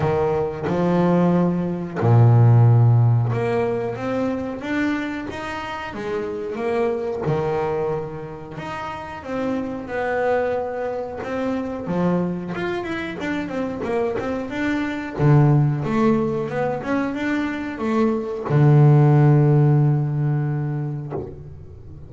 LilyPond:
\new Staff \with { instrumentName = "double bass" } { \time 4/4 \tempo 4 = 91 dis4 f2 ais,4~ | ais,4 ais4 c'4 d'4 | dis'4 gis4 ais4 dis4~ | dis4 dis'4 c'4 b4~ |
b4 c'4 f4 f'8 e'8 | d'8 c'8 ais8 c'8 d'4 d4 | a4 b8 cis'8 d'4 a4 | d1 | }